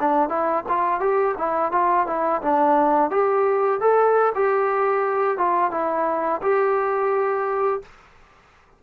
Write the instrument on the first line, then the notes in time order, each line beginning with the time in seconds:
trombone
0.00 D4
0.29 E4
0.68 F4
1.00 G4
1.38 E4
1.72 F4
2.07 E4
2.42 D4
3.11 G4
3.81 A4
4.35 G4
5.38 F4
5.71 E4
6.42 G4